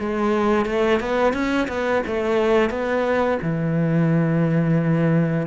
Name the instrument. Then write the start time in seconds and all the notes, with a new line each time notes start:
cello
0.00 G#3
0.66 A3
1.01 B3
1.34 C#4
1.68 B3
2.07 A3
2.71 B3
3.43 E3